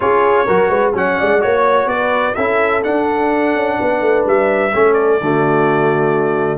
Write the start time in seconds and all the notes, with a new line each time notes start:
0.00 C#4 F4 G#4 C#5
0.45 F#3 F#4 A#4
0.69 G#3 B4
0.93 F#3 C#4 C#5 F#5
1.19 G#3 D5
1.40 A#3 F#4 C#5
1.86 B3 B4 D5
2.35 C#4 E4 A4 E5
2.82 D4 F#5
3.54 C#4
3.79 B3 B4
4.01 A3
4.25 G3 E5
4.73 A3 C#4 A4
4.93 D5
5.20 D3 A3 F#4